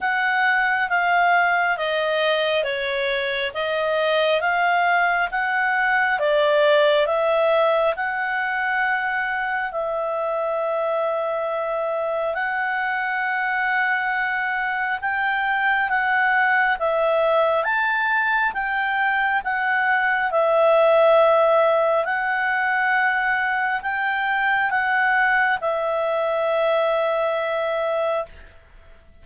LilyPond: \new Staff \with { instrumentName = "clarinet" } { \time 4/4 \tempo 4 = 68 fis''4 f''4 dis''4 cis''4 | dis''4 f''4 fis''4 d''4 | e''4 fis''2 e''4~ | e''2 fis''2~ |
fis''4 g''4 fis''4 e''4 | a''4 g''4 fis''4 e''4~ | e''4 fis''2 g''4 | fis''4 e''2. | }